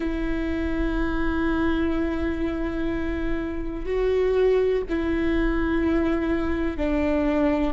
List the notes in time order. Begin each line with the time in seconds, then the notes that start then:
0.00 E4
3.85 F#4
4.89 E4
6.77 D4